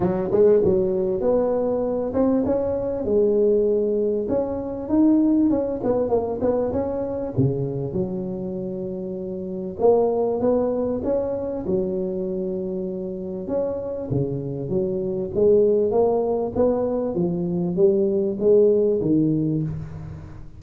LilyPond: \new Staff \with { instrumentName = "tuba" } { \time 4/4 \tempo 4 = 98 fis8 gis8 fis4 b4. c'8 | cis'4 gis2 cis'4 | dis'4 cis'8 b8 ais8 b8 cis'4 | cis4 fis2. |
ais4 b4 cis'4 fis4~ | fis2 cis'4 cis4 | fis4 gis4 ais4 b4 | f4 g4 gis4 dis4 | }